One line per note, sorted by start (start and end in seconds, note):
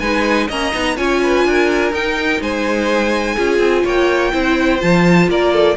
0.00 0.48 G#3
0.00 0.49 D#4
0.00 0.48 B4
0.00 0.48 G#5
0.48 0.73 A#3
0.48 0.73 C#4
0.48 0.96 D#5
0.48 0.97 A#5
0.73 0.98 B3
0.73 0.96 D#4
0.96 1.45 C#4
0.96 1.92 F4
0.96 1.21 C#5
0.96 1.93 G#5
1.23 1.47 B4
1.45 1.92 D4
1.45 2.42 A#4
1.92 2.40 D#4
1.92 3.37 D#4
1.92 2.42 G5
2.41 3.37 G#3
2.41 3.35 C5
2.41 3.86 G#5
3.35 3.59 C#4
3.35 4.32 F4
3.35 3.83 G#4
3.59 3.83 C4
3.84 4.33 A#3
3.84 4.32 C#5
3.84 4.81 G5
4.32 4.81 C4
4.32 4.79 E4
4.32 5.29 C5
4.79 5.28 F3
4.79 5.75 F4
4.79 5.29 A5
5.28 5.76 A#3
5.28 5.54 A#4
5.28 5.77 D5
5.54 5.77 A4